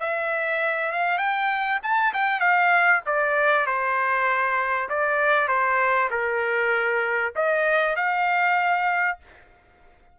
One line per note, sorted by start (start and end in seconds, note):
0.00 0.92 E5
0.92 1.18 F5
1.18 1.79 G5
1.83 2.13 A5
2.14 2.40 G5
2.40 3.01 F5
3.06 3.67 D5
3.67 4.89 C5
4.89 5.48 D5
5.48 6.09 C5
6.11 7.33 A#4
7.36 7.96 D#5
7.96 9.19 F5